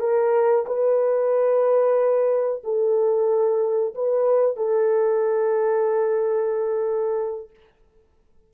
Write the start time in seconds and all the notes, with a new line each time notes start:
0.00 A#4
0.67 B4
2.64 A4
3.95 B4
4.57 A4